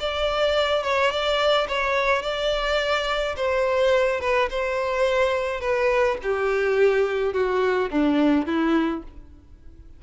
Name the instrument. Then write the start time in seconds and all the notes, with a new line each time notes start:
violin
0.00 D5
0.84 C#5
1.11 D5
1.68 C#5
2.22 D5
3.37 C5
4.21 B4
4.51 C5
5.61 B4
6.23 G4
7.33 F#4
7.91 D4
8.46 E4